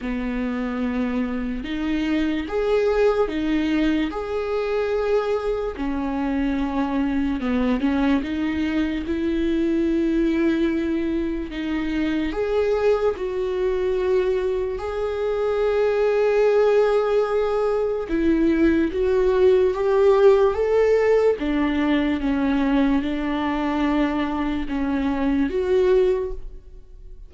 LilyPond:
\new Staff \with { instrumentName = "viola" } { \time 4/4 \tempo 4 = 73 b2 dis'4 gis'4 | dis'4 gis'2 cis'4~ | cis'4 b8 cis'8 dis'4 e'4~ | e'2 dis'4 gis'4 |
fis'2 gis'2~ | gis'2 e'4 fis'4 | g'4 a'4 d'4 cis'4 | d'2 cis'4 fis'4 | }